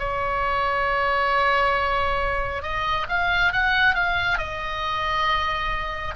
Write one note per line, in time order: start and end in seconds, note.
0.00 2.63 C#5
2.63 3.07 D#5
3.10 3.53 F5
3.53 3.95 F#5
3.95 4.39 F5
4.39 6.15 D#5